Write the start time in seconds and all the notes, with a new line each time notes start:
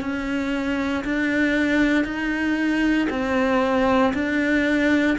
0.00 C#4
1.04 D4
2.04 D#4
3.09 C4
4.13 D4